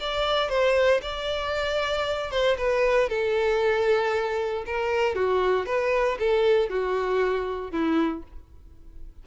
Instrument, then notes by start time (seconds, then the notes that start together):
violin
0.00 D5
0.49 C5
1.02 D5
2.31 C5
2.57 B4
3.09 A4
4.66 A#4
5.15 F#4
5.66 B4
6.19 A4
6.70 F#4
7.71 E4